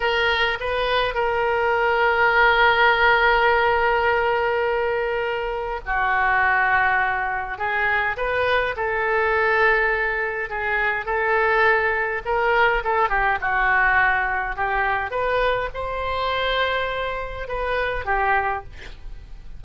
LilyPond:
\new Staff \with { instrumentName = "oboe" } { \time 4/4 \tempo 4 = 103 ais'4 b'4 ais'2~ | ais'1~ | ais'2 fis'2~ | fis'4 gis'4 b'4 a'4~ |
a'2 gis'4 a'4~ | a'4 ais'4 a'8 g'8 fis'4~ | fis'4 g'4 b'4 c''4~ | c''2 b'4 g'4 | }